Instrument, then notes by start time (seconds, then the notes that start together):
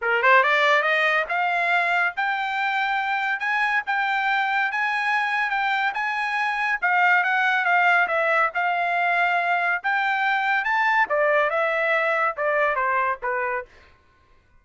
trumpet
0.01 A#4
0.22 C5
0.43 D5
0.82 D#5
1.28 F5
2.16 G5
3.39 G#5
3.86 G5
4.71 G#5
5.50 G5
5.94 G#5
6.81 F5
7.23 F#5
7.64 F5
8.07 E5
8.54 F5
9.83 G5
10.64 A5
11.09 D5
11.50 E5
12.36 D5
12.75 C5
13.22 B4